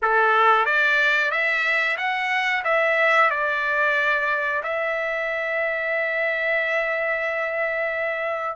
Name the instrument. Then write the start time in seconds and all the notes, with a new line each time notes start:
trumpet
0.02 A4
0.65 D5
1.31 E5
1.97 F#5
2.64 E5
3.30 D5
4.63 E5